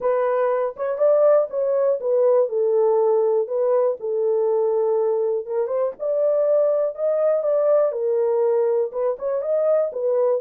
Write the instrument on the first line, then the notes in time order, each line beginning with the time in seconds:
horn
0.00 B4
0.76 C#5
0.98 D5
1.49 C#5
2.00 B4
2.48 A4
3.47 B4
3.99 A4
5.46 A#4
5.67 C5
5.99 D5
6.95 D#5
7.43 D5
7.92 A#4
8.91 B4
9.18 C#5
9.41 D#5
9.92 B4